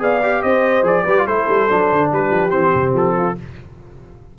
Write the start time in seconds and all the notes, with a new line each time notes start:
0.00 B3 G#4 D5 F5
0.23 G4
0.43 C4 C5 D#5
0.83 F3 G#4 D5
1.05 G3 G4 B4
1.19 F4
1.26 A3 E4 A4 C5
1.49 G3
1.70 F#3 D4
1.92 D3
2.12 G3 G4 B4
2.31 F3
2.51 E3 C4 C5
2.75 C3
2.94 F3 A4
3.17 F4